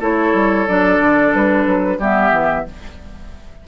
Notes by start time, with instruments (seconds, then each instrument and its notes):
0.00 bassoon A3, clarinet E4, oboe A4, flute C#5
0.34 bassoon G3
0.68 bassoon F#3, clarinet D4, flute D5
0.99 bassoon D3
1.35 bassoon G3, flute B4
1.66 bassoon F#3
1.98 bassoon G3, clarinet B3, oboe G4, flute E5
2.31 bassoon E3